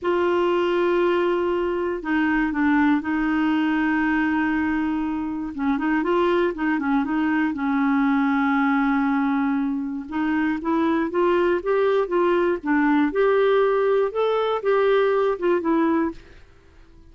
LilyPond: \new Staff \with { instrumentName = "clarinet" } { \time 4/4 \tempo 4 = 119 f'1 | dis'4 d'4 dis'2~ | dis'2. cis'8 dis'8 | f'4 dis'8 cis'8 dis'4 cis'4~ |
cis'1 | dis'4 e'4 f'4 g'4 | f'4 d'4 g'2 | a'4 g'4. f'8 e'4 | }